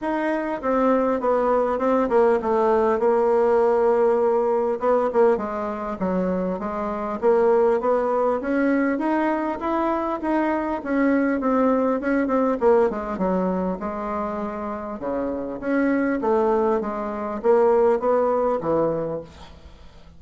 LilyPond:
\new Staff \with { instrumentName = "bassoon" } { \time 4/4 \tempo 4 = 100 dis'4 c'4 b4 c'8 ais8 | a4 ais2. | b8 ais8 gis4 fis4 gis4 | ais4 b4 cis'4 dis'4 |
e'4 dis'4 cis'4 c'4 | cis'8 c'8 ais8 gis8 fis4 gis4~ | gis4 cis4 cis'4 a4 | gis4 ais4 b4 e4 | }